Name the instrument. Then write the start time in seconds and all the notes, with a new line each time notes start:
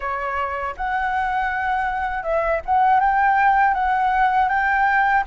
flute
0.00 C#5
0.77 F#5
2.23 E5
2.65 F#5
3.00 G5
3.74 F#5
4.48 G5